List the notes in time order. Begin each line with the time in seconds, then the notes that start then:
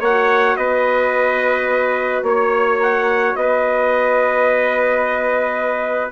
0.00 A#3 F#4 C#5 F#5
0.56 B3 B4 D#5
2.22 A#3 C#5
2.82 F#5
3.35 B3 B4 D#5